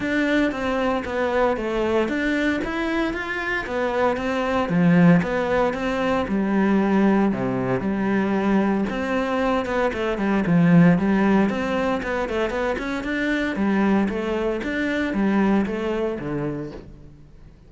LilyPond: \new Staff \with { instrumentName = "cello" } { \time 4/4 \tempo 4 = 115 d'4 c'4 b4 a4 | d'4 e'4 f'4 b4 | c'4 f4 b4 c'4 | g2 c4 g4~ |
g4 c'4. b8 a8 g8 | f4 g4 c'4 b8 a8 | b8 cis'8 d'4 g4 a4 | d'4 g4 a4 d4 | }